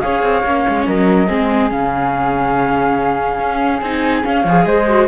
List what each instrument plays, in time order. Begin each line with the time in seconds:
0.00 cello C#4, viola G#4, flute C#5 F5
0.22 cello C4
0.44 cello A#3, viola C#4
0.68 cello G#3
0.85 cello F#3, flute A#4 D#5
1.27 cello G#3, viola C4, flute G#4
1.69 cello C#3, viola C#4, flute F5
3.39 cello C#4
3.81 cello C4, viola D#4, flute G#5
4.23 viola C#4, cello C#4, flute F5
4.42 cello F3, viola G#4, flute C#5
4.65 cello G#3, flute C5 D#5
4.88 viola F#4